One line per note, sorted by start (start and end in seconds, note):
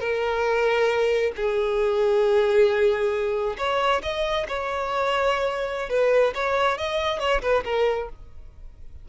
0.00 1.32 A#4
1.36 3.57 G#4
3.58 4.02 C#5
4.03 4.47 D#5
4.48 5.90 C#5
5.90 6.34 B4
6.35 6.78 C#5
6.78 7.20 D#5
7.20 7.42 C#5
7.42 7.64 B4
7.65 8.09 A#4